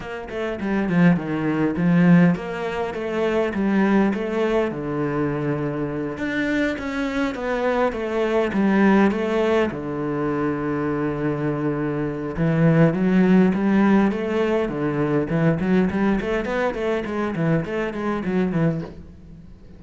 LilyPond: \new Staff \with { instrumentName = "cello" } { \time 4/4 \tempo 4 = 102 ais8 a8 g8 f8 dis4 f4 | ais4 a4 g4 a4 | d2~ d8 d'4 cis'8~ | cis'8 b4 a4 g4 a8~ |
a8 d2.~ d8~ | d4 e4 fis4 g4 | a4 d4 e8 fis8 g8 a8 | b8 a8 gis8 e8 a8 gis8 fis8 e8 | }